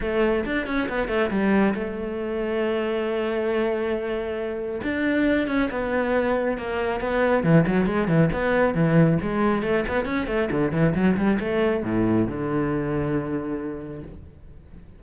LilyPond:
\new Staff \with { instrumentName = "cello" } { \time 4/4 \tempo 4 = 137 a4 d'8 cis'8 b8 a8 g4 | a1~ | a2. d'4~ | d'8 cis'8 b2 ais4 |
b4 e8 fis8 gis8 e8 b4 | e4 gis4 a8 b8 cis'8 a8 | d8 e8 fis8 g8 a4 a,4 | d1 | }